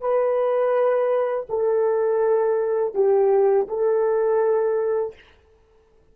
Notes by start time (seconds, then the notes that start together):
0.00 B4
1.49 A4
2.94 G4
3.68 A4